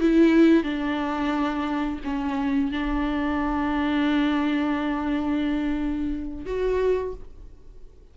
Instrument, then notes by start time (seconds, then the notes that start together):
viola
0.00 E4
0.63 D4
2.04 C#4
2.71 D4
6.46 F#4